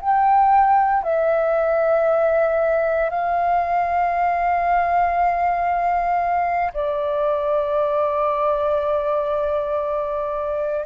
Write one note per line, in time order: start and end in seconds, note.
0.00 1.03 G5
1.03 3.10 E5
3.10 6.72 F5
6.73 10.85 D5